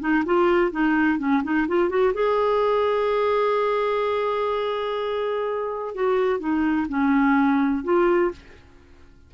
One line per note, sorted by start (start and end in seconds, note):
0.00 0.24 D#4
0.26 0.71 F4
0.71 1.19 D#4
1.19 1.42 C#4
1.43 1.67 D#4
1.68 1.89 F4
1.89 2.13 F#4
2.14 5.95 G#4
5.95 6.39 F#4
6.39 6.87 D#4
6.89 7.84 C#4
7.84 8.31 F4